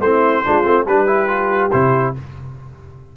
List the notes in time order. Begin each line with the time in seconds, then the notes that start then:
0.00 A3 C4 E4 C5
0.45 G#3 D4 F4
0.65 A3 C4
0.86 G3 D4 G4 B4
1.07 E4
1.28 F4
1.71 C3 E4 C5